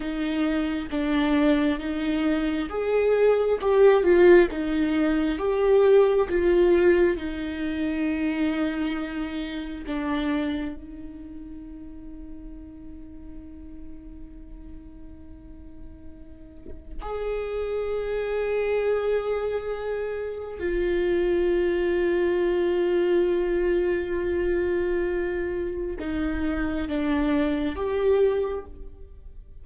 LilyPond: \new Staff \with { instrumentName = "viola" } { \time 4/4 \tempo 4 = 67 dis'4 d'4 dis'4 gis'4 | g'8 f'8 dis'4 g'4 f'4 | dis'2. d'4 | dis'1~ |
dis'2. gis'4~ | gis'2. f'4~ | f'1~ | f'4 dis'4 d'4 g'4 | }